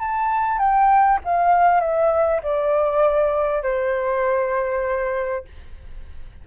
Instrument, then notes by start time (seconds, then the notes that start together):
flute
0.00 A5
0.59 G5
1.25 F5
1.81 E5
2.43 D5
3.63 C5